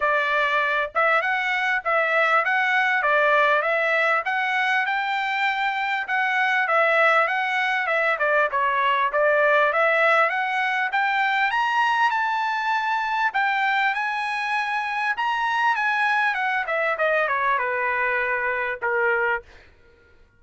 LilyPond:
\new Staff \with { instrumentName = "trumpet" } { \time 4/4 \tempo 4 = 99 d''4. e''8 fis''4 e''4 | fis''4 d''4 e''4 fis''4 | g''2 fis''4 e''4 | fis''4 e''8 d''8 cis''4 d''4 |
e''4 fis''4 g''4 ais''4 | a''2 g''4 gis''4~ | gis''4 ais''4 gis''4 fis''8 e''8 | dis''8 cis''8 b'2 ais'4 | }